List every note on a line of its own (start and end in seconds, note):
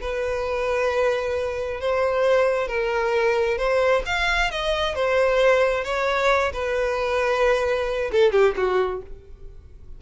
0.00 1.80 B4
1.80 2.68 C5
2.68 3.57 A#4
3.57 4.02 C5
4.06 4.51 F5
4.51 4.94 D#5
4.94 5.84 C5
5.84 6.52 C#5
6.53 8.11 B4
8.12 8.32 A4
8.32 8.54 G4
8.56 9.01 F#4